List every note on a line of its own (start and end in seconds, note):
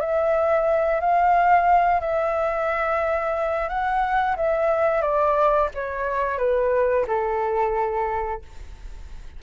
0.00 1.00 E5
1.00 2.00 F5
2.00 3.68 E5
3.68 4.36 F#5
4.36 5.01 E5
5.01 5.69 D5
5.74 6.38 C#5
6.38 7.05 B4
7.07 8.42 A4